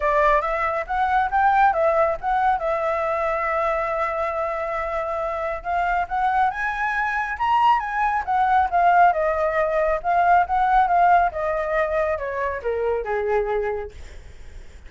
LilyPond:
\new Staff \with { instrumentName = "flute" } { \time 4/4 \tempo 4 = 138 d''4 e''4 fis''4 g''4 | e''4 fis''4 e''2~ | e''1~ | e''4 f''4 fis''4 gis''4~ |
gis''4 ais''4 gis''4 fis''4 | f''4 dis''2 f''4 | fis''4 f''4 dis''2 | cis''4 ais'4 gis'2 | }